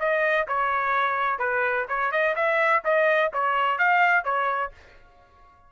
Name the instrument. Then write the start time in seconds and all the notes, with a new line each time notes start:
trumpet
0.00 D#5
0.48 C#5
1.39 B4
1.89 C#5
2.12 D#5
2.36 E5
2.85 D#5
3.34 C#5
3.79 F5
4.25 C#5